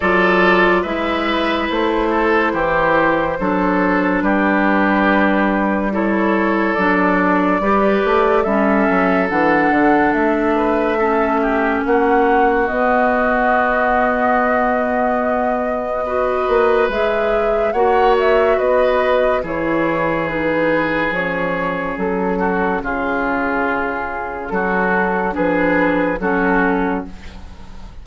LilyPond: <<
  \new Staff \with { instrumentName = "flute" } { \time 4/4 \tempo 4 = 71 d''4 e''4 c''2~ | c''4 b'2 cis''4 | d''2 e''4 fis''4 | e''2 fis''4 dis''4~ |
dis''1 | e''4 fis''8 e''8 dis''4 cis''4 | b'4 cis''4 a'4 gis'4~ | gis'4 a'4 b'4 a'4 | }
  \new Staff \with { instrumentName = "oboe" } { \time 4/4 a'4 b'4. a'8 g'4 | a'4 g'2 a'4~ | a'4 b'4 a'2~ | a'8 b'8 a'8 g'8 fis'2~ |
fis'2. b'4~ | b'4 cis''4 b'4 gis'4~ | gis'2~ gis'8 fis'8 f'4~ | f'4 fis'4 gis'4 fis'4 | }
  \new Staff \with { instrumentName = "clarinet" } { \time 4/4 f'4 e'2. | d'2. e'4 | d'4 g'4 cis'4 d'4~ | d'4 cis'2 b4~ |
b2. fis'4 | gis'4 fis'2 e'4 | dis'4 cis'2.~ | cis'2 d'4 cis'4 | }
  \new Staff \with { instrumentName = "bassoon" } { \time 4/4 fis4 gis4 a4 e4 | fis4 g2. | fis4 g8 a8 g8 fis8 e8 d8 | a2 ais4 b4~ |
b2.~ b8 ais8 | gis4 ais4 b4 e4~ | e4 f4 fis4 cis4~ | cis4 fis4 f4 fis4 | }
>>